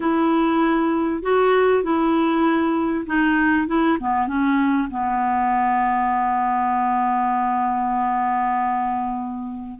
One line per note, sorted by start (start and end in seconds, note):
0.00 1.22 E4
1.22 1.83 F#4
1.83 3.05 E4
3.06 3.67 D#4
3.67 3.97 E4
3.99 4.27 B3
4.27 4.88 C#4
4.90 9.79 B3